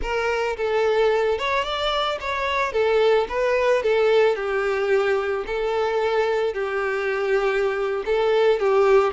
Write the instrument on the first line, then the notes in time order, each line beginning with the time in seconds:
violin
0.01 A#4
0.56 A4
1.38 C#5
1.64 D5
2.20 C#5
2.72 A4
3.29 B4
3.82 A4
4.35 G4
5.46 A4
6.53 G4
8.05 A4
8.59 G4